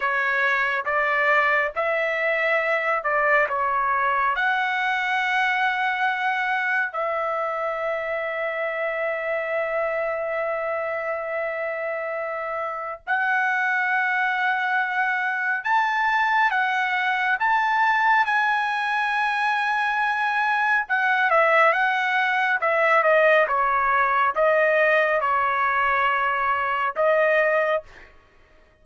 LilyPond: \new Staff \with { instrumentName = "trumpet" } { \time 4/4 \tempo 4 = 69 cis''4 d''4 e''4. d''8 | cis''4 fis''2. | e''1~ | e''2. fis''4~ |
fis''2 a''4 fis''4 | a''4 gis''2. | fis''8 e''8 fis''4 e''8 dis''8 cis''4 | dis''4 cis''2 dis''4 | }